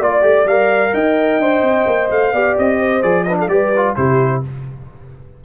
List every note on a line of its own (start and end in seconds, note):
0.00 0.22 A#3
0.00 0.22 F4
0.00 0.93 D5
0.00 0.47 D5
0.22 0.45 A3
0.22 0.45 G4
0.45 0.92 G3
0.45 1.42 A#4
0.45 0.94 F5
0.94 1.39 D#4
0.94 2.32 D#5
0.94 2.10 G5
1.39 1.62 D4
1.39 2.34 C5
1.62 1.85 C4
1.86 2.10 A#3
2.10 2.33 A3
2.10 2.57 F5
2.32 2.56 B3
2.32 3.02 G4
2.32 2.79 D5
2.58 3.03 C4
2.58 3.02 D#5
2.79 3.26 C5
3.02 3.47 F3
3.02 3.26 G#4
3.02 3.23 D5
3.23 3.49 D4
3.23 3.38 B4
3.23 3.35 D#5
3.39 3.50 A4
3.39 3.48 F5
3.47 3.94 G3
3.47 3.72 G4
3.47 3.98 B4
3.47 3.95 D5
3.76 3.96 F4
3.95 4.43 C3
3.95 4.43 E4
3.95 4.44 G4
3.95 4.42 C5